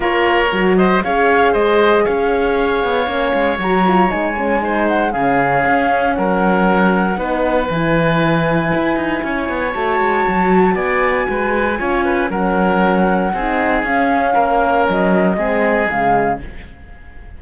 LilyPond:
<<
  \new Staff \with { instrumentName = "flute" } { \time 4/4 \tempo 4 = 117 cis''4. dis''8 f''4 dis''4 | f''2. ais''4 | gis''4. fis''8 f''2 | fis''2. gis''4~ |
gis''2. a''4~ | a''4 gis''2. | fis''2. f''4~ | f''4 dis''2 f''4 | }
  \new Staff \with { instrumentName = "oboe" } { \time 4/4 ais'4. c''8 cis''4 c''4 | cis''1~ | cis''4 c''4 gis'2 | ais'2 b'2~ |
b'2 cis''2~ | cis''4 d''4 b'4 cis''8 b'8 | ais'2 gis'2 | ais'2 gis'2 | }
  \new Staff \with { instrumentName = "horn" } { \time 4/4 f'4 fis'4 gis'2~ | gis'2 cis'4 fis'8 f'8 | dis'8 cis'8 dis'4 cis'2~ | cis'2 dis'4 e'4~ |
e'2. fis'4~ | fis'2. f'4 | cis'2 dis'4 cis'4~ | cis'2 c'4 gis4 | }
  \new Staff \with { instrumentName = "cello" } { \time 4/4 ais4 fis4 cis'4 gis4 | cis'4. b8 ais8 gis8 fis4 | gis2 cis4 cis'4 | fis2 b4 e4~ |
e4 e'8 dis'8 cis'8 b8 a8 gis8 | fis4 b4 gis4 cis'4 | fis2 c'4 cis'4 | ais4 fis4 gis4 cis4 | }
>>